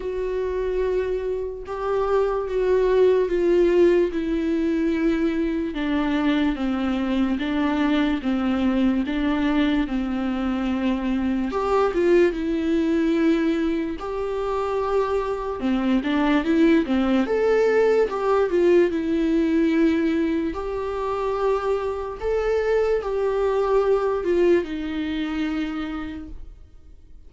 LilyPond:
\new Staff \with { instrumentName = "viola" } { \time 4/4 \tempo 4 = 73 fis'2 g'4 fis'4 | f'4 e'2 d'4 | c'4 d'4 c'4 d'4 | c'2 g'8 f'8 e'4~ |
e'4 g'2 c'8 d'8 | e'8 c'8 a'4 g'8 f'8 e'4~ | e'4 g'2 a'4 | g'4. f'8 dis'2 | }